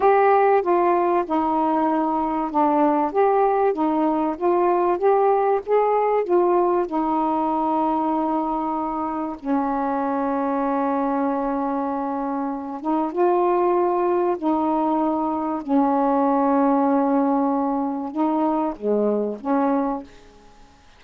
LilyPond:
\new Staff \with { instrumentName = "saxophone" } { \time 4/4 \tempo 4 = 96 g'4 f'4 dis'2 | d'4 g'4 dis'4 f'4 | g'4 gis'4 f'4 dis'4~ | dis'2. cis'4~ |
cis'1~ | cis'8 dis'8 f'2 dis'4~ | dis'4 cis'2.~ | cis'4 dis'4 gis4 cis'4 | }